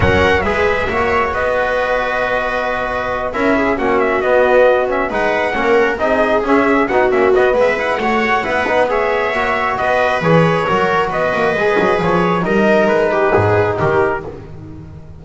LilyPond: <<
  \new Staff \with { instrumentName = "trumpet" } { \time 4/4 \tempo 4 = 135 fis''4 e''2 dis''4~ | dis''2.~ dis''8 e''8~ | e''8 fis''8 e''8 dis''4. e''8 fis''8~ | fis''4. dis''4 e''4 fis''8 |
e''8 dis''8 e''8 fis''2~ fis''8 | e''2 dis''4 cis''4~ | cis''4 dis''2 cis''4 | dis''4 b'2 ais'4 | }
  \new Staff \with { instrumentName = "viola" } { \time 4/4 ais'4 b'4 cis''4 b'4~ | b'2.~ b'8 ais'8 | gis'8 fis'2. b'8~ | b'8 ais'4 gis'2 fis'8~ |
fis'4 b'4 cis''4 b'4 | cis''2 b'2 | ais'4 b'2. | ais'4. g'8 gis'4 g'4 | }
  \new Staff \with { instrumentName = "trombone" } { \time 4/4 cis'4 gis'4 fis'2~ | fis'2.~ fis'8 e'8~ | e'8 cis'4 b4. cis'8 dis'8~ | dis'8 cis'4 dis'4 cis'4 dis'8 |
cis'8 b4 e'8 fis'4 e'8 dis'8 | gis'4 fis'2 gis'4 | fis'2 gis'2 | dis'1 | }
  \new Staff \with { instrumentName = "double bass" } { \time 4/4 fis4 gis4 ais4 b4~ | b2.~ b8 cis'8~ | cis'8 ais4 b2 gis8~ | gis8 ais4 c'4 cis'4 b8 |
ais8 b8 gis4 a4 b4~ | b4 ais4 b4 e4 | fis4 b8 ais8 gis8 fis8 f4 | g4 gis4 gis,4 dis4 | }
>>